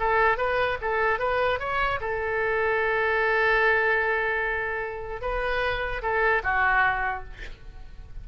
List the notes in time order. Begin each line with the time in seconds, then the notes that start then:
0.00 A4
0.38 B4
0.82 A4
1.20 B4
1.60 C#5
2.01 A4
5.22 B4
6.03 A4
6.44 F#4